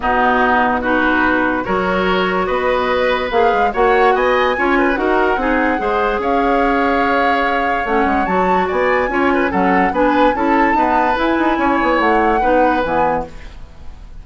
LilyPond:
<<
  \new Staff \with { instrumentName = "flute" } { \time 4/4 \tempo 4 = 145 fis'2 b'2 | cis''2 dis''2 | f''4 fis''4 gis''2 | fis''2. f''4~ |
f''2. fis''4 | a''4 gis''2 fis''4 | gis''4 a''2 gis''4~ | gis''4 fis''2 gis''4 | }
  \new Staff \with { instrumentName = "oboe" } { \time 4/4 dis'2 fis'2 | ais'2 b'2~ | b'4 cis''4 dis''4 cis''8 b'8 | ais'4 gis'4 c''4 cis''4~ |
cis''1~ | cis''4 d''4 cis''8 b'8 a'4 | b'4 a'4 b'2 | cis''2 b'2 | }
  \new Staff \with { instrumentName = "clarinet" } { \time 4/4 b2 dis'2 | fis'1 | gis'4 fis'2 f'4 | fis'4 dis'4 gis'2~ |
gis'2. cis'4 | fis'2 f'4 cis'4 | d'4 e'4 b4 e'4~ | e'2 dis'4 b4 | }
  \new Staff \with { instrumentName = "bassoon" } { \time 4/4 b,1 | fis2 b2 | ais8 gis8 ais4 b4 cis'4 | dis'4 c'4 gis4 cis'4~ |
cis'2. a8 gis8 | fis4 b4 cis'4 fis4 | b4 cis'4 dis'4 e'8 dis'8 | cis'8 b8 a4 b4 e4 | }
>>